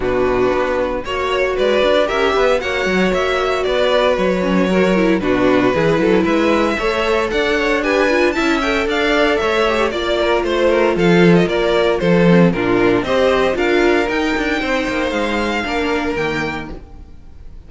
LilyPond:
<<
  \new Staff \with { instrumentName = "violin" } { \time 4/4 \tempo 4 = 115 b'2 cis''4 d''4 | e''4 fis''4 e''4 d''4 | cis''2 b'2 | e''2 fis''4 gis''4 |
a''8 g''8 f''4 e''4 d''4 | c''4 f''8. dis''16 d''4 c''4 | ais'4 dis''4 f''4 g''4~ | g''4 f''2 g''4 | }
  \new Staff \with { instrumentName = "violin" } { \time 4/4 fis'2 cis''4 b'4 | ais'8 b'8 cis''2 b'4~ | b'4 ais'4 fis'4 gis'8 a'8 | b'4 cis''4 d''8 cis''8 b'4 |
e''4 d''4 cis''4 d''8 ais'8 | c''8 ais'8 a'4 ais'4 a'4 | f'4 c''4 ais'2 | c''2 ais'2 | }
  \new Staff \with { instrumentName = "viola" } { \time 4/4 d'2 fis'2 | g'4 fis'2.~ | fis'8 cis'8 fis'8 e'8 d'4 e'4~ | e'4 a'2 g'8 f'8 |
e'8 a'2 g'8 f'4~ | f'2.~ f'8 c'8 | d'4 g'4 f'4 dis'4~ | dis'2 d'4 ais4 | }
  \new Staff \with { instrumentName = "cello" } { \time 4/4 b,4 b4 ais4 gis8 d'8 | cis'8 b8 ais8 fis8 ais4 b4 | fis2 b,4 e8 fis8 | gis4 a4 d'2 |
cis'4 d'4 a4 ais4 | a4 f4 ais4 f4 | ais,4 c'4 d'4 dis'8 d'8 | c'8 ais8 gis4 ais4 dis4 | }
>>